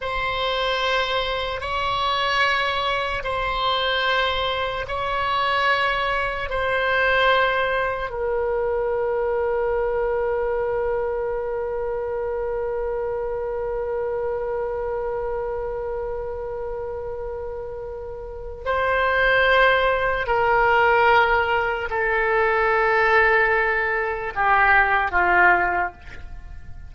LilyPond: \new Staff \with { instrumentName = "oboe" } { \time 4/4 \tempo 4 = 74 c''2 cis''2 | c''2 cis''2 | c''2 ais'2~ | ais'1~ |
ais'1~ | ais'2. c''4~ | c''4 ais'2 a'4~ | a'2 g'4 f'4 | }